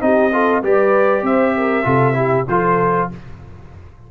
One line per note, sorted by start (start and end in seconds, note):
0.00 0.62 C4
0.00 0.31 D#4
0.00 0.33 G4
0.00 0.62 D#5
0.32 0.63 F4
0.32 0.62 A4
0.62 1.22 G3
0.62 1.83 G4
0.62 1.23 B4
0.62 1.25 D5
1.22 1.84 C4
1.22 1.54 C5
1.22 2.48 E5
1.57 1.86 A#4
1.83 2.47 C3
1.83 2.13 F4
1.83 2.16 A4
2.13 2.44 E4
2.13 2.47 G4
2.48 3.09 F3
2.48 3.11 F4
2.48 3.10 A4
2.48 3.09 C5